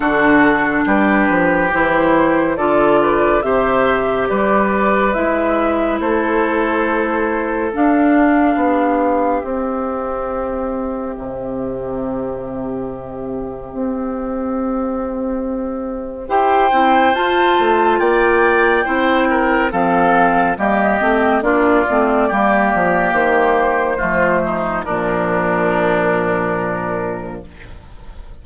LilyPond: <<
  \new Staff \with { instrumentName = "flute" } { \time 4/4 \tempo 4 = 70 a'4 b'4 c''4 d''4 | e''4 d''4 e''4 c''4~ | c''4 f''2 e''4~ | e''1~ |
e''2. g''4 | a''4 g''2 f''4 | dis''4 d''2 c''4~ | c''4 ais'2. | }
  \new Staff \with { instrumentName = "oboe" } { \time 4/4 fis'4 g'2 a'8 b'8 | c''4 b'2 a'4~ | a'2 g'2~ | g'1~ |
g'2. c''4~ | c''4 d''4 c''8 ais'8 a'4 | g'4 f'4 g'2 | f'8 dis'8 d'2. | }
  \new Staff \with { instrumentName = "clarinet" } { \time 4/4 d'2 e'4 f'4 | g'2 e'2~ | e'4 d'2 c'4~ | c'1~ |
c'2. g'8 e'8 | f'2 e'4 c'4 | ais8 c'8 d'8 c'8 ais2 | a4 f2. | }
  \new Staff \with { instrumentName = "bassoon" } { \time 4/4 d4 g8 f8 e4 d4 | c4 g4 gis4 a4~ | a4 d'4 b4 c'4~ | c'4 c2. |
c'2. e'8 c'8 | f'8 a8 ais4 c'4 f4 | g8 a8 ais8 a8 g8 f8 dis4 | f4 ais,2. | }
>>